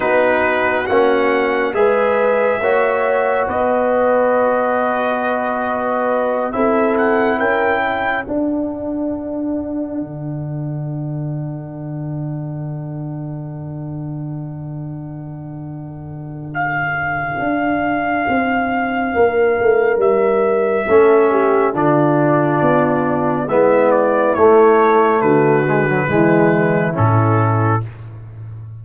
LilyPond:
<<
  \new Staff \with { instrumentName = "trumpet" } { \time 4/4 \tempo 4 = 69 b'4 fis''4 e''2 | dis''2.~ dis''8 e''8 | fis''8 g''4 fis''2~ fis''8~ | fis''1~ |
fis''2. f''4~ | f''2. e''4~ | e''4 d''2 e''8 d''8 | cis''4 b'2 a'4 | }
  \new Staff \with { instrumentName = "horn" } { \time 4/4 fis'2 b'4 cis''4 | b'2.~ b'8 a'8~ | a'8 ais'8 a'2.~ | a'1~ |
a'1~ | a'2 ais'2 | a'8 g'8 f'2 e'4~ | e'4 fis'4 e'2 | }
  \new Staff \with { instrumentName = "trombone" } { \time 4/4 dis'4 cis'4 gis'4 fis'4~ | fis'2.~ fis'8 e'8~ | e'4. d'2~ d'8~ | d'1~ |
d'1~ | d'1 | cis'4 d'2 b4 | a4. gis16 fis16 gis4 cis'4 | }
  \new Staff \with { instrumentName = "tuba" } { \time 4/4 b4 ais4 gis4 ais4 | b2.~ b8 c'8~ | c'8 cis'4 d'2 d8~ | d1~ |
d1 | d'4 c'4 ais8 a8 g4 | a4 d4 b4 gis4 | a4 d4 e4 a,4 | }
>>